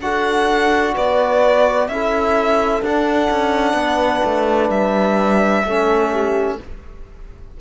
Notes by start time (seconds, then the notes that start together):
0.00 D4 F#4 A4 F#5
0.94 B3 B4 D5
1.88 C#4 E4 A4 E5
2.82 D4 F#5
3.30 C#4
3.73 B3 B4
4.24 A3
4.70 G3 E5
5.64 A3 C#4 A4
6.11 G4